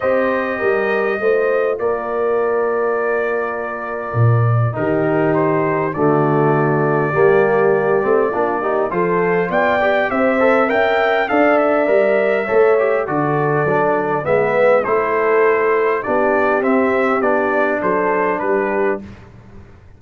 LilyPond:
<<
  \new Staff \with { instrumentName = "trumpet" } { \time 4/4 \tempo 4 = 101 dis''2. d''4~ | d''1 | ais'4 c''4 d''2~ | d''2. c''4 |
g''4 e''4 g''4 f''8 e''8~ | e''2 d''2 | e''4 c''2 d''4 | e''4 d''4 c''4 b'4 | }
  \new Staff \with { instrumentName = "horn" } { \time 4/4 c''4 ais'4 c''4 ais'4~ | ais'1 | g'2 fis'2 | g'2 f'8 g'8 a'4 |
d''4 c''4 e''4 d''4~ | d''4 cis''4 a'2 | b'4 a'2 g'4~ | g'2 a'4 g'4 | }
  \new Staff \with { instrumentName = "trombone" } { \time 4/4 g'2 f'2~ | f'1 | dis'2 a2 | ais4. c'8 d'8 dis'8 f'4~ |
f'8 g'4 a'8 ais'4 a'4 | ais'4 a'8 g'8 fis'4 d'4 | b4 e'2 d'4 | c'4 d'2. | }
  \new Staff \with { instrumentName = "tuba" } { \time 4/4 c'4 g4 a4 ais4~ | ais2. ais,4 | dis2 d2 | g4. a8 ais4 f4 |
b4 c'4 cis'4 d'4 | g4 a4 d4 fis4 | gis4 a2 b4 | c'4 b4 fis4 g4 | }
>>